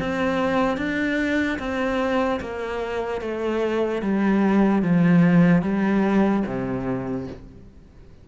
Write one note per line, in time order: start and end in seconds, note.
0.00 0.78 C4
0.78 1.59 D4
1.59 2.40 C4
2.41 3.22 A#3
3.22 4.03 A3
4.03 4.83 G3
4.83 5.63 F3
5.63 6.44 G3
6.47 7.28 C3